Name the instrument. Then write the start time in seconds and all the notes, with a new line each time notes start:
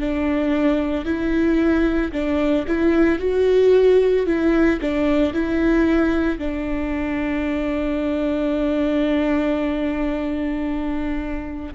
viola
0.00 D4
1.05 E4
2.12 D4
2.68 E4
3.19 F#4
4.27 E4
4.81 D4
5.34 E4
6.39 D4